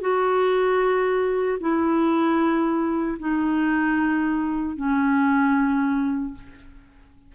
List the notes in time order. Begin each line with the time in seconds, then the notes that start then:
0.00 F#4
1.60 E4
3.19 D#4
4.76 C#4